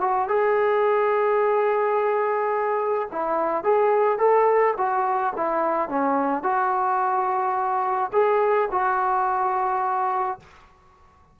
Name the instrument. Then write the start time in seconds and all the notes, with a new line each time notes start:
trombone
0.00 F#4
0.28 G#4
3.11 E4
3.64 G#4
4.18 A4
4.77 F#4
5.37 E4
5.89 C#4
6.43 F#4
8.13 G#4
8.71 F#4